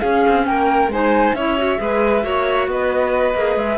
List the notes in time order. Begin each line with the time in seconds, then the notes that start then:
0.00 C#4 G#4 F5
0.28 C4
0.46 A#3 A#4 G5
0.88 G#3 D#4 C5 G#5
1.34 C#4 E4 C#5 E5
1.58 F#4
1.78 G#3 G#4 B4
2.22 A#3 F#4 C#5
2.68 B3 B4 D#5
3.35 A#3 G#4
3.56 G#3 E5